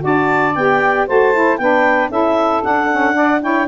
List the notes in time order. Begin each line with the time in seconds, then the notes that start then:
0.00 D4 F#4 D5 A5
0.55 B3 G4 G5
1.07 A3 F#4 C5 A5
1.34 E4
1.57 B3 D4 B4 G5
2.10 C#4 E4 A4 E5
2.62 D4 F#5
2.91 C#4
3.14 D4 D5
3.42 E4 C#5 G5